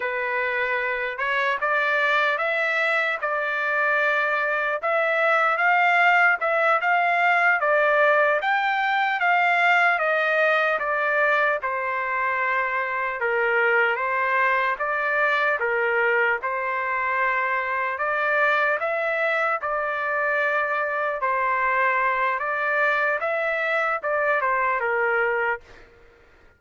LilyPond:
\new Staff \with { instrumentName = "trumpet" } { \time 4/4 \tempo 4 = 75 b'4. cis''8 d''4 e''4 | d''2 e''4 f''4 | e''8 f''4 d''4 g''4 f''8~ | f''8 dis''4 d''4 c''4.~ |
c''8 ais'4 c''4 d''4 ais'8~ | ais'8 c''2 d''4 e''8~ | e''8 d''2 c''4. | d''4 e''4 d''8 c''8 ais'4 | }